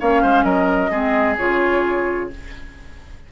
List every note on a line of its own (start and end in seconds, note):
0.00 0.23 A#3
0.00 0.91 C#4
0.00 0.22 C#5
0.00 0.43 F5
0.22 0.44 G#3
0.22 0.44 C5
0.43 0.90 F#3
0.43 0.90 A#4
0.43 1.36 D#5
0.91 1.37 G#3
0.91 1.37 C4
0.91 2.29 G#4
1.38 2.32 C#3
1.38 2.30 F4
1.38 2.30 C#5